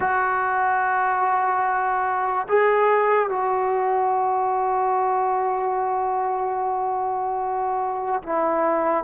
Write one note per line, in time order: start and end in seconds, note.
0.00 2.47 F#4
2.48 3.29 G#4
3.29 8.22 F#4
8.22 9.04 E4